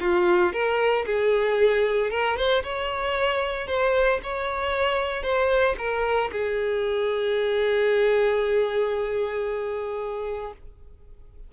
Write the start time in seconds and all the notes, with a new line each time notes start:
0.00 F4
0.53 A#4
1.06 G#4
2.10 A#4
2.37 C5
2.63 C#5
3.67 C5
4.23 C#5
5.23 C5
5.78 A#4
6.32 G#4